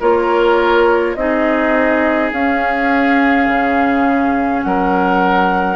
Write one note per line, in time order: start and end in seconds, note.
0.00 1.16 A#3
0.00 1.16 F4
0.00 1.15 A#4
0.00 1.15 C#5
1.15 2.31 C4
1.15 2.33 D#4
1.15 4.65 G#4
1.15 2.30 D#5
2.32 3.47 C#4
2.32 5.76 C#4
2.32 4.62 F5
3.47 4.63 C#3
4.62 5.76 F#3
4.62 5.76 A#4
4.62 5.76 F#5